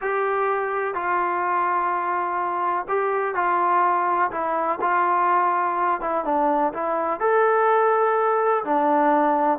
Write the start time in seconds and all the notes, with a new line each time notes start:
0.01 G4
0.94 F4
2.88 G4
3.34 F4
4.31 E4
4.81 F4
6.00 E4
6.24 D4
6.73 E4
7.20 A4
8.64 D4